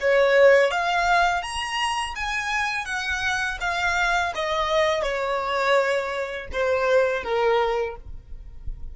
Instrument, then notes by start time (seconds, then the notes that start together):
violin
0.00 C#5
0.71 F5
1.42 A#5
2.15 G#5
2.85 F#5
3.60 F5
4.35 D#5
5.03 C#5
6.52 C5
7.24 A#4